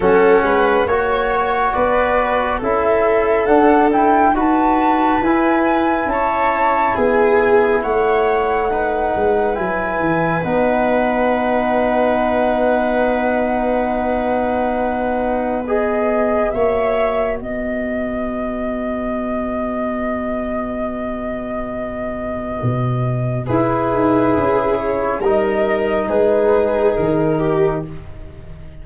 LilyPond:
<<
  \new Staff \with { instrumentName = "flute" } { \time 4/4 \tempo 4 = 69 fis''4 cis''4 d''4 e''4 | fis''8 g''8 a''4 gis''4 a''4 | gis''4 fis''2 gis''4 | fis''1~ |
fis''2 dis''4 e''4 | dis''1~ | dis''2. b'4~ | b'8 cis''8 dis''4 b'4 ais'4 | }
  \new Staff \with { instrumentName = "viola" } { \time 4/4 a'8 b'8 cis''4 b'4 a'4~ | a'4 b'2 cis''4 | gis'4 cis''4 b'2~ | b'1~ |
b'2. cis''4 | b'1~ | b'2. gis'4~ | gis'4 ais'4 gis'4. g'8 | }
  \new Staff \with { instrumentName = "trombone" } { \time 4/4 cis'4 fis'2 e'4 | d'8 e'8 fis'4 e'2~ | e'2 dis'4 e'4 | dis'1~ |
dis'2 gis'4 fis'4~ | fis'1~ | fis'2. e'4~ | e'4 dis'2. | }
  \new Staff \with { instrumentName = "tuba" } { \time 4/4 fis8 gis8 ais4 b4 cis'4 | d'4 dis'4 e'4 cis'4 | b4 a4. gis8 fis8 e8 | b1~ |
b2. ais4 | b1~ | b2 b,4 e'8 dis'8 | cis'4 g4 gis4 dis4 | }
>>